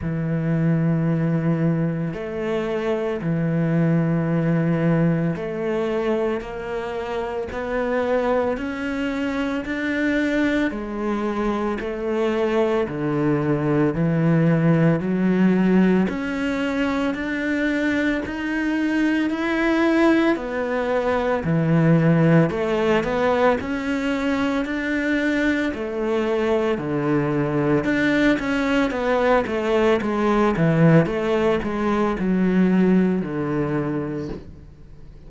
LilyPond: \new Staff \with { instrumentName = "cello" } { \time 4/4 \tempo 4 = 56 e2 a4 e4~ | e4 a4 ais4 b4 | cis'4 d'4 gis4 a4 | d4 e4 fis4 cis'4 |
d'4 dis'4 e'4 b4 | e4 a8 b8 cis'4 d'4 | a4 d4 d'8 cis'8 b8 a8 | gis8 e8 a8 gis8 fis4 d4 | }